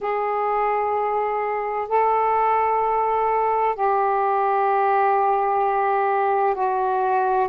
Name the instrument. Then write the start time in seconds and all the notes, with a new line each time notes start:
saxophone
0.00 G#4
1.88 A4
3.75 G4
6.54 F#4